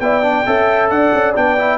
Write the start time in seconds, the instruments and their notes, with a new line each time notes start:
0.00 tuba B3, trombone E4, horn D5, trumpet G5
0.22 trombone D4
0.46 tuba C#4, trombone A4, horn E5
0.90 tuba D4, horn D5, trumpet F#5
1.14 tuba C#4
1.35 tuba B3, trombone D4, trumpet G5
1.58 trombone E4